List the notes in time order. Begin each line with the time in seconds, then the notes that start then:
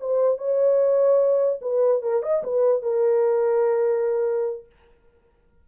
0.00 C5
0.38 C#5
1.61 B4
2.02 A#4
2.22 D#5
2.43 B4
2.82 A#4